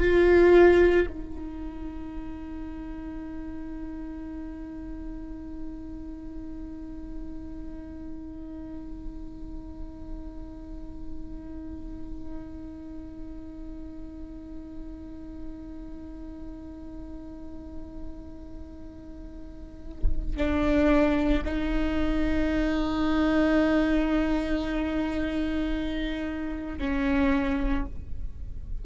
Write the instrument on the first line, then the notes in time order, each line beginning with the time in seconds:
viola
0.00 F4
1.10 D#4
20.37 D4
21.45 D#4
26.79 C#4